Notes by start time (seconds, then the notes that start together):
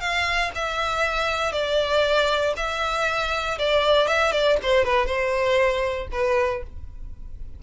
0.00 F5
0.55 E5
1.52 D5
2.56 E5
3.58 D5
4.07 E5
4.32 D5
4.62 C5
4.84 B4
5.06 C5
6.12 B4